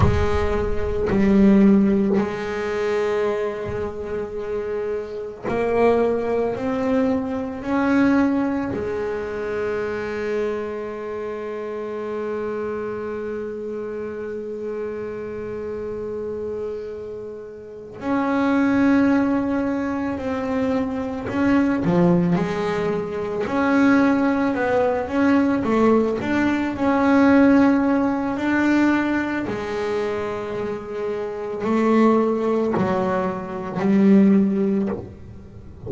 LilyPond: \new Staff \with { instrumentName = "double bass" } { \time 4/4 \tempo 4 = 55 gis4 g4 gis2~ | gis4 ais4 c'4 cis'4 | gis1~ | gis1~ |
gis8 cis'2 c'4 cis'8 | f8 gis4 cis'4 b8 cis'8 a8 | d'8 cis'4. d'4 gis4~ | gis4 a4 fis4 g4 | }